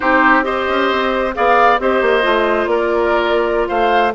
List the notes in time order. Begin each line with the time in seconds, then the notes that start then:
0.00 C4 D#4 G4 C5
0.42 G4 C5 D#5
0.68 C#4
0.91 C4
1.33 B3 G#4 D5 F5
1.79 C4 G4 C5 D#5
2.01 A#3
2.21 A3 F4
2.66 A#3 A#4 D5
3.68 A3 C5 F5